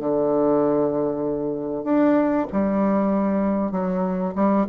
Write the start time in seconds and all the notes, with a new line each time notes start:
0.00 D3
1.84 D4
2.53 G3
3.72 F#3
4.36 G3